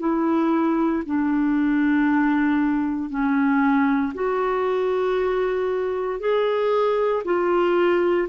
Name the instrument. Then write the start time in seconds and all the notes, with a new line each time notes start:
clarinet
0.00 E4
1.06 D4
3.10 C#4
4.15 F#4
6.20 G#4
7.25 F4